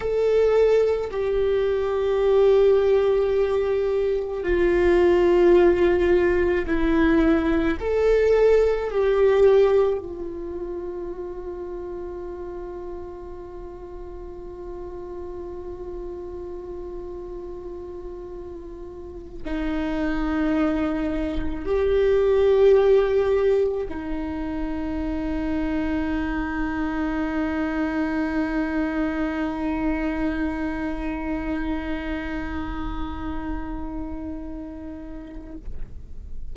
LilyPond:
\new Staff \with { instrumentName = "viola" } { \time 4/4 \tempo 4 = 54 a'4 g'2. | f'2 e'4 a'4 | g'4 f'2.~ | f'1~ |
f'4. dis'2 g'8~ | g'4. dis'2~ dis'8~ | dis'1~ | dis'1 | }